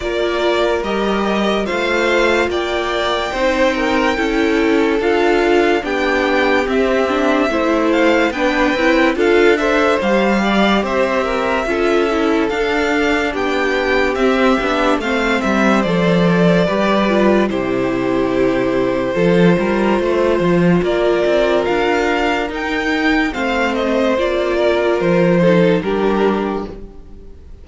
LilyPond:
<<
  \new Staff \with { instrumentName = "violin" } { \time 4/4 \tempo 4 = 72 d''4 dis''4 f''4 g''4~ | g''2 f''4 g''4 | e''4. f''8 g''4 f''8 e''8 | f''4 e''2 f''4 |
g''4 e''4 f''8 e''8 d''4~ | d''4 c''2.~ | c''4 d''4 f''4 g''4 | f''8 dis''8 d''4 c''4 ais'4 | }
  \new Staff \with { instrumentName = "violin" } { \time 4/4 ais'2 c''4 d''4 | c''8 ais'8 a'2 g'4~ | g'4 c''4 b'4 a'8 c''8~ | c''8 d''8 c''8 ais'8 a'2 |
g'2 c''2 | b'4 g'2 a'8 ais'8 | c''4 ais'2. | c''4. ais'4 a'8 g'4 | }
  \new Staff \with { instrumentName = "viola" } { \time 4/4 f'4 g'4 f'2 | dis'4 e'4 f'4 d'4 | c'8 d'8 e'4 d'8 e'8 f'8 a'8 | g'2 f'8 e'8 d'4~ |
d'4 c'8 d'8 c'4 a'4 | g'8 f'8 e'2 f'4~ | f'2. dis'4 | c'4 f'4. dis'8 d'4 | }
  \new Staff \with { instrumentName = "cello" } { \time 4/4 ais4 g4 a4 ais4 | c'4 cis'4 d'4 b4 | c'4 a4 b8 c'8 d'4 | g4 c'4 cis'4 d'4 |
b4 c'8 b8 a8 g8 f4 | g4 c2 f8 g8 | a8 f8 ais8 c'8 d'4 dis'4 | a4 ais4 f4 g4 | }
>>